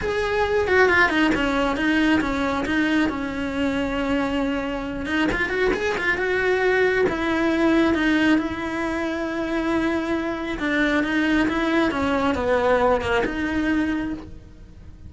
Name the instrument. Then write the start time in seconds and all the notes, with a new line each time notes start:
cello
0.01 G#4
0.67 F#4
0.88 F4
1.09 D#4
1.35 C#4
1.76 D#4
2.20 C#4
2.65 D#4
3.09 C#4
5.06 D#4
5.32 F4
5.49 F#4
5.73 G#4
5.97 F4
6.17 F#4
7.09 E4
7.94 D#4
8.38 E4
10.59 D4
11.03 D#4
11.48 E4
11.91 C#4
12.34 B3
13.01 A#3
13.25 D#4